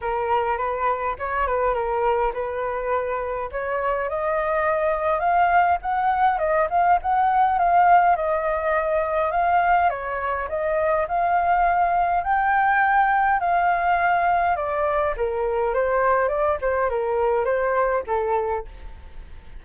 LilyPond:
\new Staff \with { instrumentName = "flute" } { \time 4/4 \tempo 4 = 103 ais'4 b'4 cis''8 b'8 ais'4 | b'2 cis''4 dis''4~ | dis''4 f''4 fis''4 dis''8 f''8 | fis''4 f''4 dis''2 |
f''4 cis''4 dis''4 f''4~ | f''4 g''2 f''4~ | f''4 d''4 ais'4 c''4 | d''8 c''8 ais'4 c''4 a'4 | }